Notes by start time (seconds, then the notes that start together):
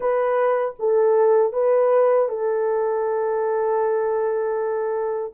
0.00 B4
0.79 A4
1.53 B4
2.29 A4